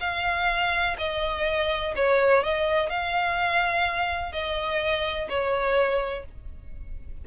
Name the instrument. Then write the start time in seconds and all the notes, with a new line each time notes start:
violin
0.00 F5
0.98 D#5
1.96 C#5
2.43 D#5
2.89 F5
4.32 D#5
5.29 C#5